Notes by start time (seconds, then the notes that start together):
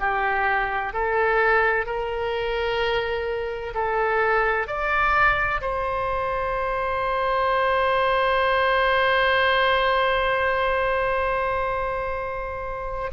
0.00 G4
0.93 A4
1.86 A#4
3.75 A4
4.67 D5
5.62 C5